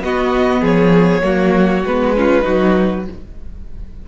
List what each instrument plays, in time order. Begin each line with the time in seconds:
0.00 cello B3, viola B3, violin F#4 D#5
0.61 cello F3, violin G#4 C#5
1.22 cello F#3, viola A#3, violin F#4
1.84 cello G#3, viola B3, violin B4
2.16 viola C#4, violin F4
2.42 cello F#3, viola D#4, violin F#4